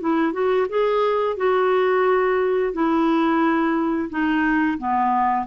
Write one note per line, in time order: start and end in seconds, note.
0.00 0.33 E4
0.33 0.67 F#4
0.68 1.37 G#4
1.37 2.73 F#4
2.73 4.09 E4
4.09 4.78 D#4
4.78 5.46 B3